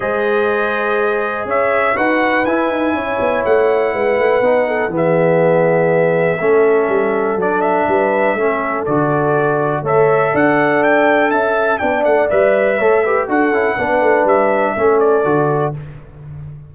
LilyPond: <<
  \new Staff \with { instrumentName = "trumpet" } { \time 4/4 \tempo 4 = 122 dis''2. e''4 | fis''4 gis''2 fis''4~ | fis''2 e''2~ | e''2. d''8 e''8~ |
e''2 d''2 | e''4 fis''4 g''4 a''4 | g''8 fis''8 e''2 fis''4~ | fis''4 e''4. d''4. | }
  \new Staff \with { instrumentName = "horn" } { \time 4/4 c''2. cis''4 | b'2 cis''2 | b'4. a'8 gis'2~ | gis'4 a'2. |
b'4 a'2. | cis''4 d''2 e''4 | d''2 cis''8 b'8 a'4 | b'2 a'2 | }
  \new Staff \with { instrumentName = "trombone" } { \time 4/4 gis'1 | fis'4 e'2.~ | e'4 dis'4 b2~ | b4 cis'2 d'4~ |
d'4 cis'4 fis'2 | a'1 | d'4 b'4 a'8 g'8 fis'8 e'8 | d'2 cis'4 fis'4 | }
  \new Staff \with { instrumentName = "tuba" } { \time 4/4 gis2. cis'4 | dis'4 e'8 dis'8 cis'8 b8 a4 | gis8 a8 b4 e2~ | e4 a4 g4 fis4 |
g4 a4 d2 | a4 d'2 cis'4 | b8 a8 g4 a4 d'8 cis'8 | b8 a8 g4 a4 d4 | }
>>